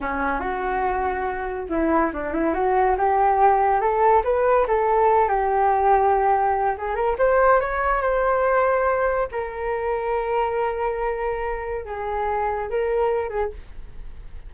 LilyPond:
\new Staff \with { instrumentName = "flute" } { \time 4/4 \tempo 4 = 142 cis'4 fis'2. | e'4 d'8 e'8 fis'4 g'4~ | g'4 a'4 b'4 a'4~ | a'8 g'2.~ g'8 |
gis'8 ais'8 c''4 cis''4 c''4~ | c''2 ais'2~ | ais'1 | gis'2 ais'4. gis'8 | }